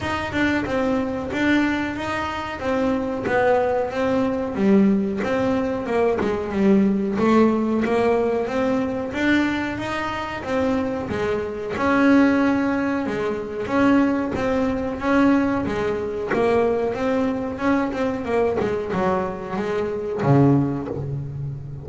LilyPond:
\new Staff \with { instrumentName = "double bass" } { \time 4/4 \tempo 4 = 92 dis'8 d'8 c'4 d'4 dis'4 | c'4 b4 c'4 g4 | c'4 ais8 gis8 g4 a4 | ais4 c'4 d'4 dis'4 |
c'4 gis4 cis'2 | gis4 cis'4 c'4 cis'4 | gis4 ais4 c'4 cis'8 c'8 | ais8 gis8 fis4 gis4 cis4 | }